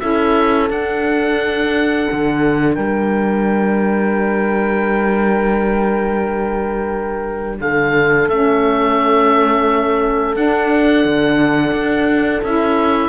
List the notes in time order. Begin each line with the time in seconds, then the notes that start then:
0.00 C#4 E4 A4 E5
0.69 D4 F#5
2.12 D3
2.75 G3 A#4 G5
7.61 D3 A4 F5
8.29 A3 C#4 E5
10.36 D4 F#5
11.05 D3
11.72 D4
12.44 C#4 E4 E5